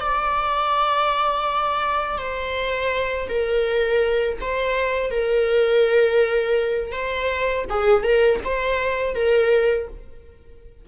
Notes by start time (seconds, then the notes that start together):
0.00 D5
2.18 C5
3.29 A#4
4.41 C5
5.11 A#4
6.91 C5
7.70 G#4
8.03 A#4
8.44 C5
9.15 A#4